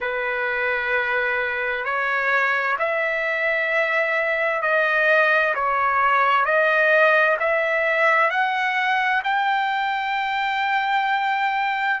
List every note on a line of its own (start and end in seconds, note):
0.00 1.84 B4
1.84 2.77 C#5
2.79 4.62 E5
4.62 5.54 D#5
5.54 6.44 C#5
6.44 7.37 D#5
7.39 8.30 E5
8.30 9.23 F#5
9.23 12.00 G5